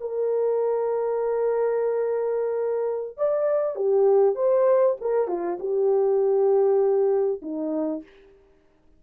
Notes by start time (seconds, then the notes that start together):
0.00 A#4
3.17 D5
3.75 G4
4.35 C5
5.00 A#4
5.27 F4
5.59 G4
7.42 D#4